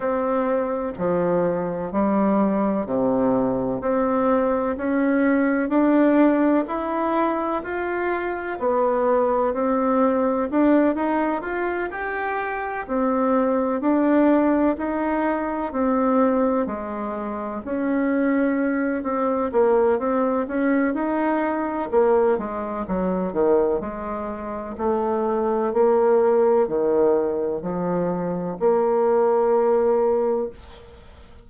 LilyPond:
\new Staff \with { instrumentName = "bassoon" } { \time 4/4 \tempo 4 = 63 c'4 f4 g4 c4 | c'4 cis'4 d'4 e'4 | f'4 b4 c'4 d'8 dis'8 | f'8 g'4 c'4 d'4 dis'8~ |
dis'8 c'4 gis4 cis'4. | c'8 ais8 c'8 cis'8 dis'4 ais8 gis8 | fis8 dis8 gis4 a4 ais4 | dis4 f4 ais2 | }